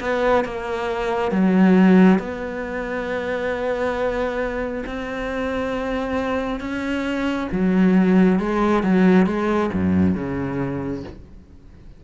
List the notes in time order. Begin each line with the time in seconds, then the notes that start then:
0.00 B3
0.44 A#3
1.31 F#3
2.19 B3
4.86 C4
6.60 C#4
7.51 F#3
8.39 G#3
8.83 F#3
9.26 G#3
9.73 F#2
10.15 C#3